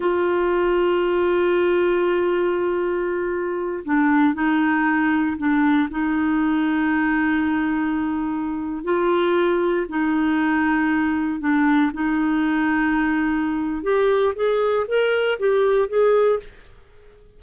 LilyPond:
\new Staff \with { instrumentName = "clarinet" } { \time 4/4 \tempo 4 = 117 f'1~ | f'2.~ f'8 d'8~ | d'8 dis'2 d'4 dis'8~ | dis'1~ |
dis'4~ dis'16 f'2 dis'8.~ | dis'2~ dis'16 d'4 dis'8.~ | dis'2. g'4 | gis'4 ais'4 g'4 gis'4 | }